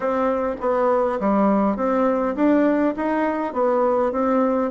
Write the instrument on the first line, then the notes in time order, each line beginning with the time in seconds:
bassoon
0.00 C4
0.60 B3
1.20 G3
1.76 C4
2.35 D4
2.96 D#4
3.53 B3
4.11 C4